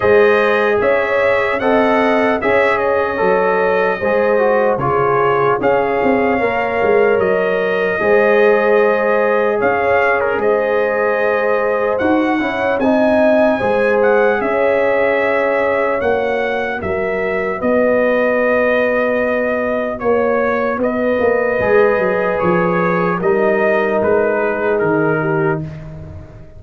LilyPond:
<<
  \new Staff \with { instrumentName = "trumpet" } { \time 4/4 \tempo 4 = 75 dis''4 e''4 fis''4 e''8 dis''8~ | dis''2 cis''4 f''4~ | f''4 dis''2. | f''8. ais'16 dis''2 fis''4 |
gis''4. fis''8 e''2 | fis''4 e''4 dis''2~ | dis''4 cis''4 dis''2 | cis''4 dis''4 b'4 ais'4 | }
  \new Staff \with { instrumentName = "horn" } { \time 4/4 c''4 cis''4 dis''4 cis''4~ | cis''4 c''4 gis'4 cis''4~ | cis''2 c''2 | cis''4 c''2~ c''8 cis''8 |
dis''4 c''4 cis''2~ | cis''4 ais'4 b'2~ | b'4 cis''4 b'2~ | b'4 ais'4. gis'4 g'8 | }
  \new Staff \with { instrumentName = "trombone" } { \time 4/4 gis'2 a'4 gis'4 | a'4 gis'8 fis'8 f'4 gis'4 | ais'2 gis'2~ | gis'2. fis'8 e'8 |
dis'4 gis'2. | fis'1~ | fis'2. gis'4~ | gis'4 dis'2. | }
  \new Staff \with { instrumentName = "tuba" } { \time 4/4 gis4 cis'4 c'4 cis'4 | fis4 gis4 cis4 cis'8 c'8 | ais8 gis8 fis4 gis2 | cis'4 gis2 dis'8 cis'8 |
c'4 gis4 cis'2 | ais4 fis4 b2~ | b4 ais4 b8 ais8 gis8 fis8 | f4 g4 gis4 dis4 | }
>>